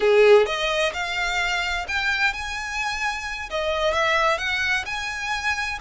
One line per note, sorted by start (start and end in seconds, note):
0.00 0.45 G#4
0.45 0.92 D#5
0.93 1.86 F5
1.88 2.33 G5
2.33 3.49 G#5
3.49 3.93 D#5
3.93 4.38 E5
4.38 4.84 F#5
4.85 5.78 G#5